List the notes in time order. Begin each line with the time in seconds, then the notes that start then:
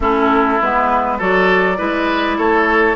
0.00 A3 C#4 E4 A4
0.60 G#3 B3 B4
1.17 F#3 F#4 A4 D5
1.77 G#3 E4 B4
2.37 A3 A4 C#5